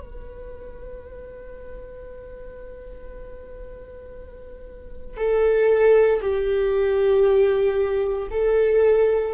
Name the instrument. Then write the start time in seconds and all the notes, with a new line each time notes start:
viola
0.00 B4
5.17 A4
6.21 G4
8.30 A4